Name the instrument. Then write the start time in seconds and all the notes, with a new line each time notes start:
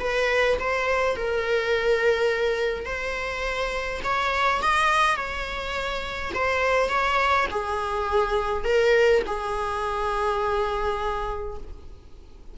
viola
0.00 B4
0.60 C5
1.16 A#4
2.85 C5
4.04 C#5
4.62 D#5
5.16 C#5
6.34 C5
6.89 C#5
7.51 G#4
8.64 A#4
9.26 G#4